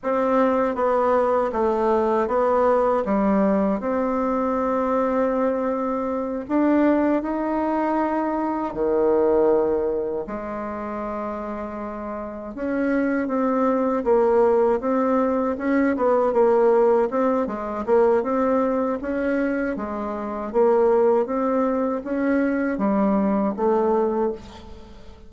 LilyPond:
\new Staff \with { instrumentName = "bassoon" } { \time 4/4 \tempo 4 = 79 c'4 b4 a4 b4 | g4 c'2.~ | c'8 d'4 dis'2 dis8~ | dis4. gis2~ gis8~ |
gis8 cis'4 c'4 ais4 c'8~ | c'8 cis'8 b8 ais4 c'8 gis8 ais8 | c'4 cis'4 gis4 ais4 | c'4 cis'4 g4 a4 | }